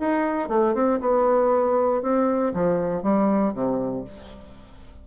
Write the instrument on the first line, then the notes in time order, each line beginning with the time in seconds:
bassoon
0.00 D#4
0.49 A3
0.74 C4
1.01 B3
2.02 C4
2.54 F3
3.03 G3
3.54 C3